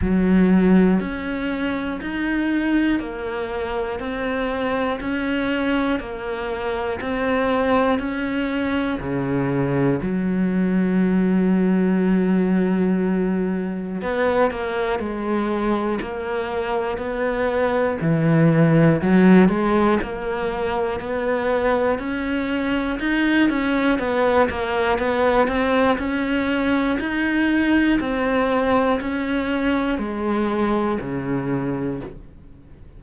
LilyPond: \new Staff \with { instrumentName = "cello" } { \time 4/4 \tempo 4 = 60 fis4 cis'4 dis'4 ais4 | c'4 cis'4 ais4 c'4 | cis'4 cis4 fis2~ | fis2 b8 ais8 gis4 |
ais4 b4 e4 fis8 gis8 | ais4 b4 cis'4 dis'8 cis'8 | b8 ais8 b8 c'8 cis'4 dis'4 | c'4 cis'4 gis4 cis4 | }